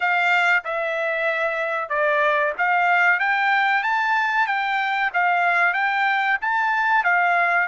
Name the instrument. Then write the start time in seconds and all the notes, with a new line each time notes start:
trumpet
0.00 F5
0.64 E5
1.89 D5
2.58 F5
3.19 G5
3.83 A5
4.47 G5
5.13 F5
5.73 G5
6.41 A5
7.04 F5